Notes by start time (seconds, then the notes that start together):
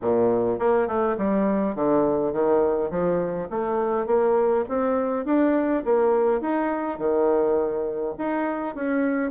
0.01 A#2
0.59 A#3
0.87 A3
1.17 G3
1.75 D3
2.32 D#3
2.90 F3
3.50 A3
4.06 A#3
4.68 C4
5.25 D4
5.85 A#3
6.41 D#4
6.98 D#3
8.18 D#4
8.75 C#4